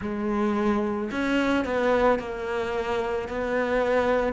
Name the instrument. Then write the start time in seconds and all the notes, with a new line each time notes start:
cello
0.01 G#3
1.11 C#4
1.64 B3
2.19 A#3
3.28 B3